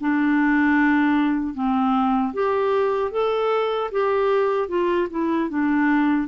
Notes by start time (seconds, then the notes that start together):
0.00 D4
1.54 C4
2.33 G4
3.11 A4
3.91 G4
4.68 F4
5.10 E4
5.49 D4